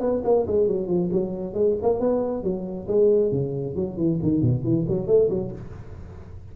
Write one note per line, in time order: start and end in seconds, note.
0.00 0.22 B3
0.24 0.46 A#3
0.47 0.67 G#3
0.67 0.87 F#3
0.87 1.09 F3
1.12 1.54 F#3
1.54 1.76 G#3
1.82 2.00 A#3
2.00 2.43 B3
2.43 2.87 F#3
2.88 3.31 G#3
3.31 3.75 C#3
3.75 3.97 F#3
3.97 4.19 E3
4.22 4.42 D#3
4.42 4.63 B2
4.63 4.85 E3
4.88 5.07 F#3
5.07 5.29 A3
5.29 5.51 F#3